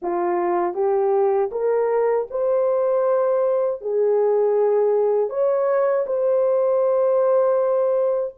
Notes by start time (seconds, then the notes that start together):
0.02 F4
0.74 G4
1.51 A#4
2.30 C5
3.81 G#4
5.29 C#5
6.06 C5